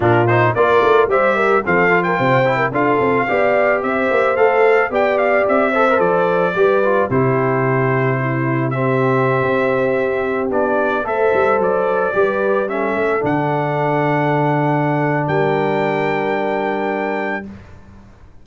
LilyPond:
<<
  \new Staff \with { instrumentName = "trumpet" } { \time 4/4 \tempo 4 = 110 ais'8 c''8 d''4 e''4 f''8. g''16~ | g''4 f''2 e''4 | f''4 g''8 f''8 e''4 d''4~ | d''4 c''2. |
e''2.~ e''16 d''8.~ | d''16 e''4 d''2 e''8.~ | e''16 fis''2.~ fis''8. | g''1 | }
  \new Staff \with { instrumentName = "horn" } { \time 4/4 f'4 ais'4 c''8 ais'8 a'8. ais'16 | c''8. ais'16 a'4 d''4 c''4~ | c''4 d''4. c''4. | b'4 g'2 e'4 |
g'1~ | g'16 c''2 b'4 a'8.~ | a'1 | ais'1 | }
  \new Staff \with { instrumentName = "trombone" } { \time 4/4 d'8 dis'8 f'4 g'4 c'8 f'8~ | f'8 e'8 f'4 g'2 | a'4 g'4. a'16 ais'16 a'4 | g'8 f'8 e'2. |
c'2.~ c'16 d'8.~ | d'16 a'2 g'4 cis'8.~ | cis'16 d'2.~ d'8.~ | d'1 | }
  \new Staff \with { instrumentName = "tuba" } { \time 4/4 ais,4 ais8 a8 g4 f4 | c4 d'8 c'8 b4 c'8 ais8 | a4 b4 c'4 f4 | g4 c2.~ |
c4~ c16 c'2 b8.~ | b16 a8 g8 fis4 g4. a16~ | a16 d2.~ d8. | g1 | }
>>